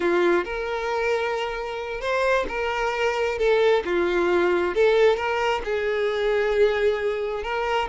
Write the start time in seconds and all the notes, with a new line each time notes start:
0.00 F4
0.44 A#4
2.00 C5
2.48 A#4
3.38 A4
3.84 F4
4.75 A4
5.16 A#4
5.64 G#4
7.43 A#4